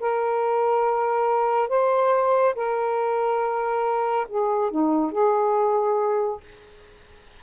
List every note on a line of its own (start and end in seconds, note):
0.00 1.69 A#4
1.69 2.55 C5
2.55 4.27 A#4
4.29 4.71 G#4
4.71 5.12 D#4
5.12 6.41 G#4